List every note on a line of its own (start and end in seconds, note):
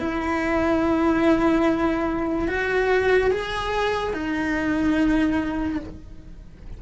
0.00 2.48 E4
2.48 3.31 F#4
3.31 4.14 G#4
4.14 5.80 D#4